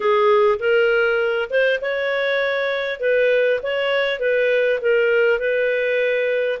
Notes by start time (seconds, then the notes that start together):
0.00 G#4
0.59 A#4
1.50 C5
1.81 C#5
2.99 B4
3.62 C#5
4.19 B4
4.81 A#4
5.39 B4